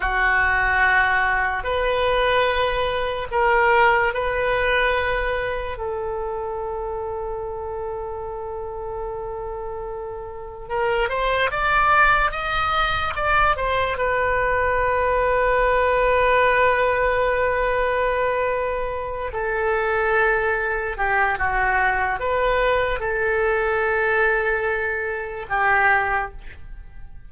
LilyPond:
\new Staff \with { instrumentName = "oboe" } { \time 4/4 \tempo 4 = 73 fis'2 b'2 | ais'4 b'2 a'4~ | a'1~ | a'4 ais'8 c''8 d''4 dis''4 |
d''8 c''8 b'2.~ | b'2.~ b'8 a'8~ | a'4. g'8 fis'4 b'4 | a'2. g'4 | }